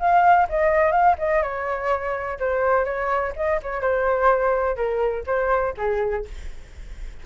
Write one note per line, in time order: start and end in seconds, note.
0.00 0.48 F5
0.49 0.92 D#5
0.92 1.16 F5
1.19 1.42 D#5
1.42 2.38 C#5
2.40 2.85 C5
2.85 3.33 C#5
3.36 3.60 D#5
3.63 3.82 C#5
3.82 4.76 C5
4.76 5.24 A#4
5.27 5.75 C5
5.78 6.26 G#4